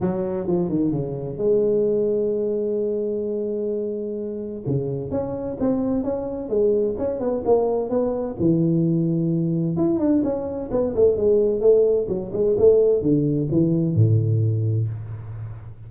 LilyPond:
\new Staff \with { instrumentName = "tuba" } { \time 4/4 \tempo 4 = 129 fis4 f8 dis8 cis4 gis4~ | gis1~ | gis2 cis4 cis'4 | c'4 cis'4 gis4 cis'8 b8 |
ais4 b4 e2~ | e4 e'8 d'8 cis'4 b8 a8 | gis4 a4 fis8 gis8 a4 | d4 e4 a,2 | }